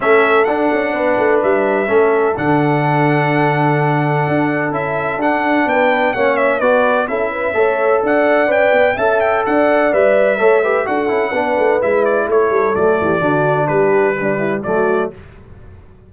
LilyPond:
<<
  \new Staff \with { instrumentName = "trumpet" } { \time 4/4 \tempo 4 = 127 e''4 fis''2 e''4~ | e''4 fis''2.~ | fis''2 e''4 fis''4 | g''4 fis''8 e''8 d''4 e''4~ |
e''4 fis''4 g''4 a''8 g''8 | fis''4 e''2 fis''4~ | fis''4 e''8 d''8 cis''4 d''4~ | d''4 b'2 d''4 | }
  \new Staff \with { instrumentName = "horn" } { \time 4/4 a'2 b'2 | a'1~ | a'1 | b'4 cis''4 b'4 a'8 b'8 |
cis''4 d''2 e''4 | d''2 cis''8 b'8 a'4 | b'2 a'4. g'8 | fis'4 g'4 d'8 e'8 fis'4 | }
  \new Staff \with { instrumentName = "trombone" } { \time 4/4 cis'4 d'2. | cis'4 d'2.~ | d'2 e'4 d'4~ | d'4 cis'4 fis'4 e'4 |
a'2 b'4 a'4~ | a'4 b'4 a'8 g'8 fis'8 e'8 | d'4 e'2 a4 | d'2 g4 a4 | }
  \new Staff \with { instrumentName = "tuba" } { \time 4/4 a4 d'8 cis'8 b8 a8 g4 | a4 d2.~ | d4 d'4 cis'4 d'4 | b4 ais4 b4 cis'4 |
a4 d'4 cis'8 b8 cis'4 | d'4 g4 a4 d'8 cis'8 | b8 a8 gis4 a8 g8 fis8 e8 | d4 g2 fis4 | }
>>